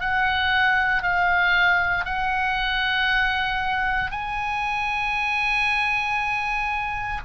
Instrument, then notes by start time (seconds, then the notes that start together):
oboe
0.00 F#5
1.03 F5
2.05 F#5
4.11 G#5